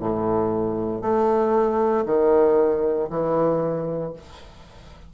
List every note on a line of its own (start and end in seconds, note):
0.00 1.02 A2
1.02 2.05 A3
2.05 3.09 D#3
3.10 4.13 E3